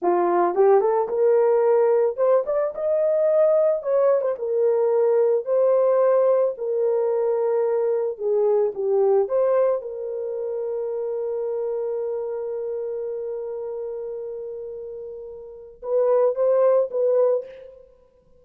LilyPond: \new Staff \with { instrumentName = "horn" } { \time 4/4 \tempo 4 = 110 f'4 g'8 a'8 ais'2 | c''8 d''8 dis''2 cis''8. c''16 | ais'2 c''2 | ais'2. gis'4 |
g'4 c''4 ais'2~ | ais'1~ | ais'1~ | ais'4 b'4 c''4 b'4 | }